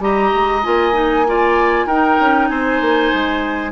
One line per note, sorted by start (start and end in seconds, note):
0.00 0.31 G3
0.00 0.62 G4
0.00 1.28 D#5
0.00 0.64 A#5
0.35 0.66 G#3
0.64 1.86 A#3
0.64 0.93 F4
0.64 1.88 G#5
0.93 1.24 D#4
1.27 1.89 F4
1.27 1.87 D5
1.86 2.17 D#4
1.86 3.72 D#4
1.86 2.49 A#4
1.86 2.48 G5
2.20 2.50 C#4
2.48 2.81 C4
2.48 3.72 C5
2.48 3.72 G#5
2.81 3.12 A#3
3.13 3.72 G#3